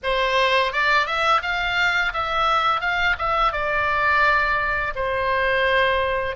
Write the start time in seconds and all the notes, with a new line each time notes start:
0.03 C5
0.72 D5
1.06 E5
1.41 F5
2.13 E5
2.80 F5
3.18 E5
3.52 D5
4.95 C5